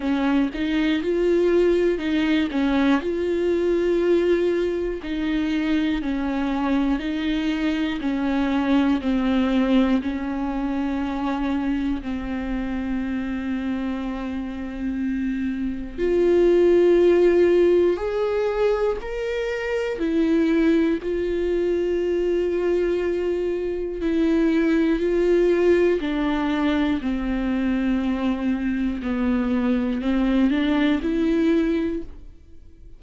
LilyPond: \new Staff \with { instrumentName = "viola" } { \time 4/4 \tempo 4 = 60 cis'8 dis'8 f'4 dis'8 cis'8 f'4~ | f'4 dis'4 cis'4 dis'4 | cis'4 c'4 cis'2 | c'1 |
f'2 gis'4 ais'4 | e'4 f'2. | e'4 f'4 d'4 c'4~ | c'4 b4 c'8 d'8 e'4 | }